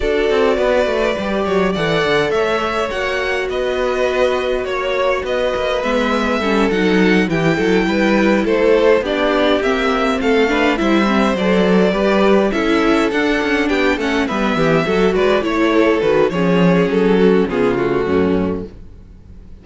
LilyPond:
<<
  \new Staff \with { instrumentName = "violin" } { \time 4/4 \tempo 4 = 103 d''2. fis''4 | e''4 fis''4 dis''2 | cis''4 dis''4 e''4. fis''8~ | fis''8 g''2 c''4 d''8~ |
d''8 e''4 f''4 e''4 d''8~ | d''4. e''4 fis''4 g''8 | fis''8 e''4. d''8 cis''4 b'8 | cis''4 a'4 gis'8 fis'4. | }
  \new Staff \with { instrumentName = "violin" } { \time 4/4 a'4 b'4. cis''8 d''4 | cis''2 b'2 | cis''4 b'2 a'4~ | a'8 g'8 a'8 b'4 a'4 g'8~ |
g'4. a'8 b'8 c''4.~ | c''8 b'4 a'2 g'8 | a'8 b'8 g'8 a'8 b'8 cis''8 a'4 | gis'4. fis'8 f'4 cis'4 | }
  \new Staff \with { instrumentName = "viola" } { \time 4/4 fis'2 g'4 a'4~ | a'4 fis'2.~ | fis'2 b4 cis'8 dis'8~ | dis'8 e'2. d'8~ |
d'8 c'4. d'8 e'8 c'8 a'8~ | a'8 g'4 e'4 d'4. | cis'8 b4 fis'4 e'4 fis'8 | cis'2 b8 a4. | }
  \new Staff \with { instrumentName = "cello" } { \time 4/4 d'8 c'8 b8 a8 g8 fis8 e8 d8 | a4 ais4 b2 | ais4 b8 ais8 gis4 g8 fis8~ | fis8 e8 fis8 g4 a4 b8~ |
b8 ais4 a4 g4 fis8~ | fis8 g4 cis'4 d'8 cis'8 b8 | a8 g8 e8 fis8 gis8 a4 dis8 | f4 fis4 cis4 fis,4 | }
>>